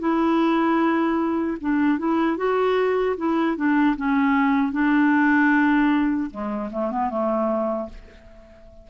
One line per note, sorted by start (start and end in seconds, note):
0.00 1.58 E4
1.61 1.99 D4
1.99 2.38 E4
2.38 3.17 F#4
3.18 3.57 E4
3.57 3.97 D4
3.97 4.73 C#4
4.73 6.31 D4
6.31 6.71 G#3
6.72 6.92 A3
6.92 7.11 B3
7.11 7.89 A3